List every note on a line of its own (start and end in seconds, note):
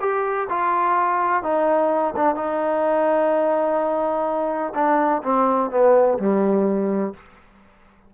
0.00 0.48 G4
0.49 1.43 F4
1.43 2.14 D#4
2.16 2.35 D4
2.35 4.73 D#4
4.74 5.22 D4
5.23 5.70 C4
5.70 6.18 B3
6.18 7.14 G3